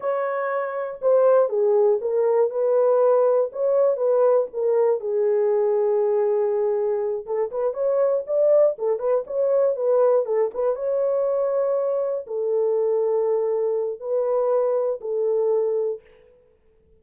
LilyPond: \new Staff \with { instrumentName = "horn" } { \time 4/4 \tempo 4 = 120 cis''2 c''4 gis'4 | ais'4 b'2 cis''4 | b'4 ais'4 gis'2~ | gis'2~ gis'8 a'8 b'8 cis''8~ |
cis''8 d''4 a'8 b'8 cis''4 b'8~ | b'8 a'8 b'8 cis''2~ cis''8~ | cis''8 a'2.~ a'8 | b'2 a'2 | }